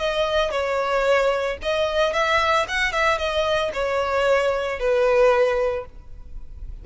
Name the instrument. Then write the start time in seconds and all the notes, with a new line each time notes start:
violin
0.00 D#5
0.52 C#5
1.63 D#5
2.13 E5
2.69 F#5
2.93 E5
3.19 D#5
3.74 C#5
4.80 B4